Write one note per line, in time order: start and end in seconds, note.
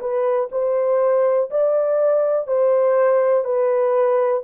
0.00 0.49 B4
0.52 1.50 C5
1.51 2.47 D5
2.47 3.45 C5
3.45 4.43 B4